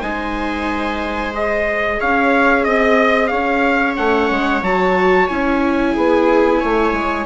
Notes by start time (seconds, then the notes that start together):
0.00 G#3 D#4 C5 G#5
1.34 G#4 D#5
1.99 C#4 C#5 F5
2.64 C4 D#5
3.27 C#4 C#5 F5
3.96 A3 C#4 F#5
4.30 G#3
4.62 F#3 F#4 A5
5.28 C#4 E4 G#5
5.93 B3 G#4
6.60 A3 C#5
6.92 G#3